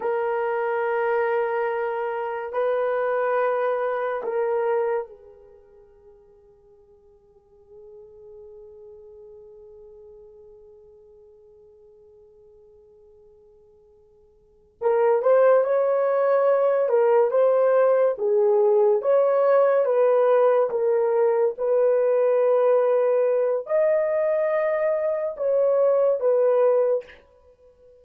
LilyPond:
\new Staff \with { instrumentName = "horn" } { \time 4/4 \tempo 4 = 71 ais'2. b'4~ | b'4 ais'4 gis'2~ | gis'1~ | gis'1~ |
gis'4. ais'8 c''8 cis''4. | ais'8 c''4 gis'4 cis''4 b'8~ | b'8 ais'4 b'2~ b'8 | dis''2 cis''4 b'4 | }